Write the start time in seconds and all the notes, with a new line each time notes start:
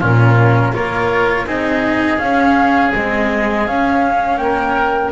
0.00 A#2 C#4 F4 A#4
0.73 A#3 F4 A#4 C#5
1.46 C4 D#4 G#4 D#5
2.18 C#4 F5
2.95 G#3 C4 D#5
3.67 C#4 F5
4.38 A#3 A#4 G5